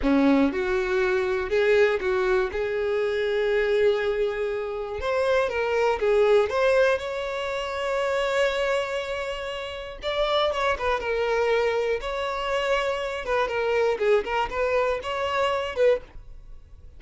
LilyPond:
\new Staff \with { instrumentName = "violin" } { \time 4/4 \tempo 4 = 120 cis'4 fis'2 gis'4 | fis'4 gis'2.~ | gis'2 c''4 ais'4 | gis'4 c''4 cis''2~ |
cis''1 | d''4 cis''8 b'8 ais'2 | cis''2~ cis''8 b'8 ais'4 | gis'8 ais'8 b'4 cis''4. b'8 | }